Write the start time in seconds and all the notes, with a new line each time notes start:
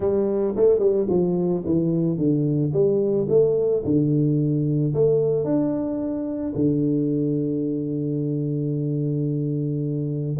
0.00 G3
0.56 A3
0.79 G3
1.09 F3
1.65 E3
2.17 D3
2.73 G3
3.29 A3
3.84 D3
4.94 A3
5.44 D4
6.55 D3